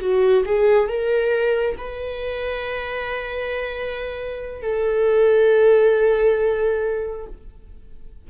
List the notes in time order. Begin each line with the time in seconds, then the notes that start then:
0.00 F#4
0.45 G#4
0.88 A#4
1.78 B4
4.62 A4